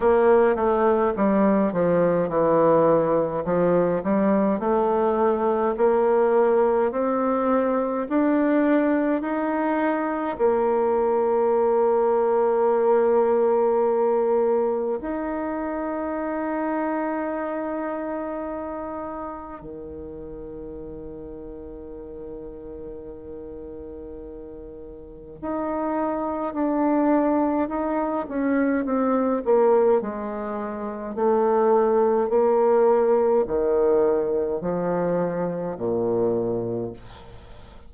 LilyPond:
\new Staff \with { instrumentName = "bassoon" } { \time 4/4 \tempo 4 = 52 ais8 a8 g8 f8 e4 f8 g8 | a4 ais4 c'4 d'4 | dis'4 ais2.~ | ais4 dis'2.~ |
dis'4 dis2.~ | dis2 dis'4 d'4 | dis'8 cis'8 c'8 ais8 gis4 a4 | ais4 dis4 f4 ais,4 | }